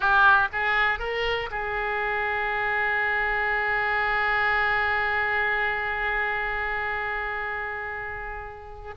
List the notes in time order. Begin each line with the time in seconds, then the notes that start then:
0.00 G4
0.52 G#4
0.99 A#4
1.50 G#4